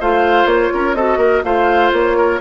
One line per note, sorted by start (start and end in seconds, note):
0.00 0.45 A3
0.00 0.96 F4
0.00 0.73 C5
0.00 0.46 F5
0.45 0.69 A#3
0.45 0.94 C#5
0.73 0.93 C#4
0.73 0.96 A#4
0.93 1.17 C4
0.93 1.43 F#4
0.93 1.18 A4
0.93 1.43 D#5
1.17 1.41 A#3
1.17 1.42 A#4
1.43 1.91 A3
1.43 2.40 F4
1.43 2.17 C5
1.43 1.91 F5
1.92 2.40 A#3
1.92 2.40 C#5
2.17 2.40 A#4